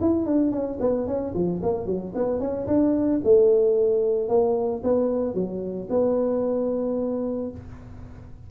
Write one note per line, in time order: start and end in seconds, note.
0.00 0.25 E4
0.25 0.51 D4
0.51 0.78 C#4
0.80 1.06 B3
1.06 1.33 C#4
1.34 1.61 F3
1.62 1.86 A#3
1.86 2.12 F#3
2.15 2.39 B3
2.39 2.66 C#4
2.67 3.20 D4
3.23 4.28 A3
4.28 4.82 A#3
4.83 5.34 B3
5.34 5.87 F#3
5.89 7.50 B3